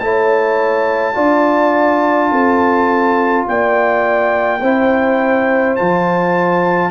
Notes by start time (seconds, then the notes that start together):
0.00 A3 E4 C#5 A5
1.14 D4 F4 D5
2.31 C4 A4
3.48 A#3 D5 G5
4.61 C4 E4 C5
5.76 F3 F4 A5